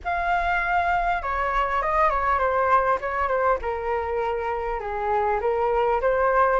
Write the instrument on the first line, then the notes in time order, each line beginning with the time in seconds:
flute
0.04 F5
1.22 C#5
1.81 D#5
2.10 C#5
2.38 C5
3.01 C#5
3.28 C5
3.61 A#4
4.79 G#4
5.41 A#4
6.01 C5